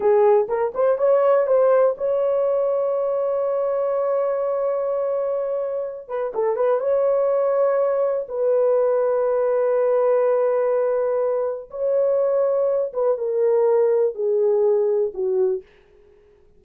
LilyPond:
\new Staff \with { instrumentName = "horn" } { \time 4/4 \tempo 4 = 123 gis'4 ais'8 c''8 cis''4 c''4 | cis''1~ | cis''1~ | cis''8 b'8 a'8 b'8 cis''2~ |
cis''4 b'2.~ | b'1 | cis''2~ cis''8 b'8 ais'4~ | ais'4 gis'2 fis'4 | }